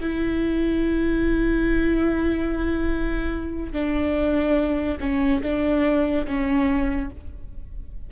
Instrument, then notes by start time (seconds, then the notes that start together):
viola
0.00 E4
3.72 D4
5.00 C#4
5.43 D4
6.27 C#4